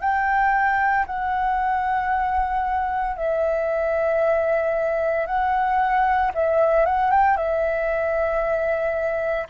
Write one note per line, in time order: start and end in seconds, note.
0.00 1.05 G5
1.06 3.16 F#5
3.16 5.26 E5
5.26 6.31 F#5
6.34 6.85 E5
6.85 7.11 F#5
7.11 7.36 G5
7.36 9.47 E5